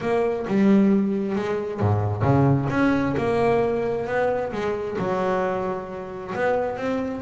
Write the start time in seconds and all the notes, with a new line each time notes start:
0.01 A#3
0.47 G3
1.35 G#3
1.80 G#2
2.22 C#3
2.70 C#4
3.17 A#3
4.06 B3
4.52 G#3
4.98 F#3
6.34 B3
6.76 C4